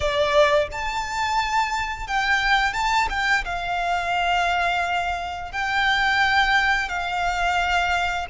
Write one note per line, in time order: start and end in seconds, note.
0.00 0.68 D5
0.71 2.07 A5
2.07 2.73 G5
2.73 3.08 A5
3.09 3.44 G5
3.45 5.51 F5
5.51 6.88 G5
6.88 8.26 F5